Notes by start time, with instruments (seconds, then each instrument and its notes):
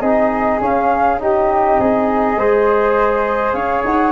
0.00 tuba C4, trombone D#4, flute G#4 D#5
0.60 trombone C#4, tuba C#4, flute F5
1.19 trombone D#4, flute G4 D#5
1.78 tuba C4, flute G#4
2.36 tuba G#3, trombone G#4, flute C5
3.52 tuba C#4, flute C#5 F5
3.84 tuba D#4, flute F#5